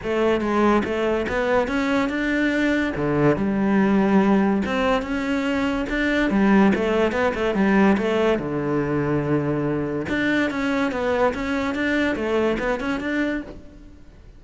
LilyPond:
\new Staff \with { instrumentName = "cello" } { \time 4/4 \tempo 4 = 143 a4 gis4 a4 b4 | cis'4 d'2 d4 | g2. c'4 | cis'2 d'4 g4 |
a4 b8 a8 g4 a4 | d1 | d'4 cis'4 b4 cis'4 | d'4 a4 b8 cis'8 d'4 | }